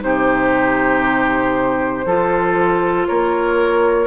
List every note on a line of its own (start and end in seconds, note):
0.00 2.06 C3
0.00 2.03 D#4
0.00 2.06 G4
0.00 3.07 C5
2.06 3.07 F3
2.06 4.07 F4
2.06 3.08 A4
3.07 4.07 A#3
3.07 4.07 A#4
3.07 4.07 C#5